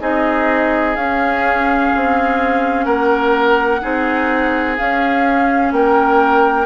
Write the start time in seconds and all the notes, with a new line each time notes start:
0.00 C4 D#4 G#4 D#5
0.95 C#4 F5
1.95 C4
2.84 A#3 A#4 F#5
3.81 C4 D#4 G#4
4.77 C#4 F5
5.71 A#3 A#4 G5